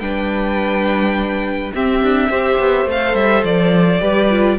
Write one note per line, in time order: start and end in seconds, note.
0.00 1.72 G3
0.00 1.73 D4
0.00 1.73 B4
0.00 1.71 G5
1.74 2.31 C4
1.74 2.03 C4
1.74 2.30 G4
1.74 2.89 E5
2.03 2.30 D4
2.30 2.58 C4
2.30 2.88 G4
2.30 4.01 C5
2.59 2.86 B3
2.86 3.14 A3
2.86 4.00 A4
2.86 3.15 F5
3.14 3.43 G3
3.14 3.44 E5
3.43 4.01 F3
3.43 4.59 D5
4.00 4.59 G3
4.00 4.29 G4
4.00 4.58 B4
4.31 4.59 F4